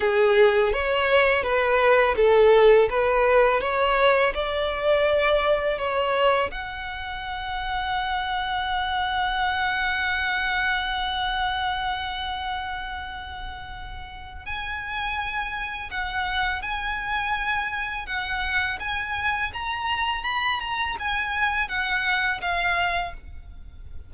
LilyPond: \new Staff \with { instrumentName = "violin" } { \time 4/4 \tempo 4 = 83 gis'4 cis''4 b'4 a'4 | b'4 cis''4 d''2 | cis''4 fis''2.~ | fis''1~ |
fis''1 | gis''2 fis''4 gis''4~ | gis''4 fis''4 gis''4 ais''4 | b''8 ais''8 gis''4 fis''4 f''4 | }